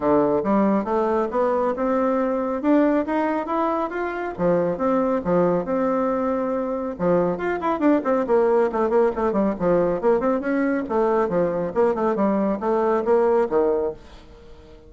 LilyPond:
\new Staff \with { instrumentName = "bassoon" } { \time 4/4 \tempo 4 = 138 d4 g4 a4 b4 | c'2 d'4 dis'4 | e'4 f'4 f4 c'4 | f4 c'2. |
f4 f'8 e'8 d'8 c'8 ais4 | a8 ais8 a8 g8 f4 ais8 c'8 | cis'4 a4 f4 ais8 a8 | g4 a4 ais4 dis4 | }